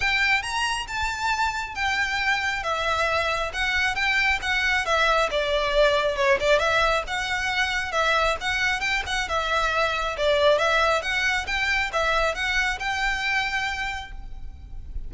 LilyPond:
\new Staff \with { instrumentName = "violin" } { \time 4/4 \tempo 4 = 136 g''4 ais''4 a''2 | g''2 e''2 | fis''4 g''4 fis''4 e''4 | d''2 cis''8 d''8 e''4 |
fis''2 e''4 fis''4 | g''8 fis''8 e''2 d''4 | e''4 fis''4 g''4 e''4 | fis''4 g''2. | }